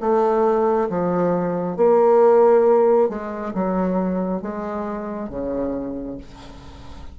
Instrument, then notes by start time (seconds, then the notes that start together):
bassoon
0.00 A3
0.89 F3
1.76 A#3
3.09 G#3
3.54 F#3
4.42 G#3
5.29 C#3